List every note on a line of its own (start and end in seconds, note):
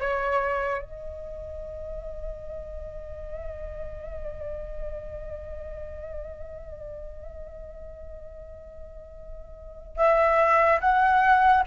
0.00 0.83 C#5
0.83 9.97 D#5
9.97 10.80 E5
10.81 11.64 F#5